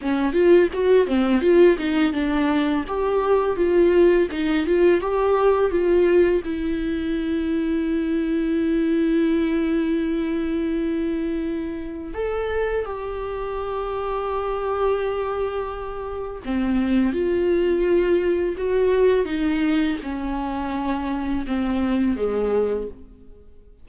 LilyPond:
\new Staff \with { instrumentName = "viola" } { \time 4/4 \tempo 4 = 84 cis'8 f'8 fis'8 c'8 f'8 dis'8 d'4 | g'4 f'4 dis'8 f'8 g'4 | f'4 e'2.~ | e'1~ |
e'4 a'4 g'2~ | g'2. c'4 | f'2 fis'4 dis'4 | cis'2 c'4 gis4 | }